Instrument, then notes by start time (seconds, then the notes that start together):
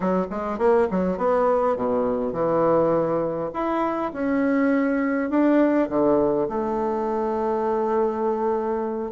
bassoon
0.00 F#3
0.30 G#3
0.58 A#3
0.91 F#3
1.17 B3
1.76 B2
2.32 E3
3.53 E4
4.12 C#4
5.29 D4
5.89 D3
6.49 A3